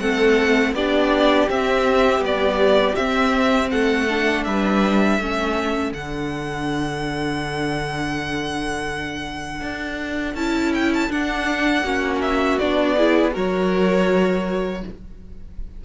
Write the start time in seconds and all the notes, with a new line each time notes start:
0.00 A3 C4 A4 F#5
0.73 B3 D4 G4 D5
1.49 C4 E5
2.19 G3 B3
2.25 D5
2.96 C4 E5
3.71 A3 A4 F#5
4.09 D4
4.44 G3 B4 E5
5.18 A3 C#4 A4
5.92 D3 D4 F#5
9.61 D4
10.35 C#4 E4 A5
10.75 G5
10.94 A5
11.10 D4 F#5
11.83 A#3 C#4 F#4
12.22 E5
12.59 B3 D4 D5
12.97 E4 G#4
13.32 F#3 F#4 A#4 C#5